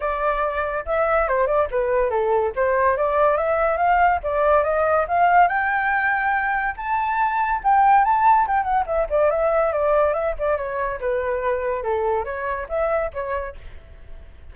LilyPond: \new Staff \with { instrumentName = "flute" } { \time 4/4 \tempo 4 = 142 d''2 e''4 c''8 d''8 | b'4 a'4 c''4 d''4 | e''4 f''4 d''4 dis''4 | f''4 g''2. |
a''2 g''4 a''4 | g''8 fis''8 e''8 d''8 e''4 d''4 | e''8 d''8 cis''4 b'2 | a'4 cis''4 e''4 cis''4 | }